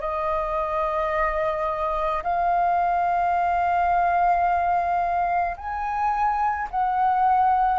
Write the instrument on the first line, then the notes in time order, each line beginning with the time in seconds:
flute
0.00 D#5
2.23 F5
5.57 G#5
6.70 F#5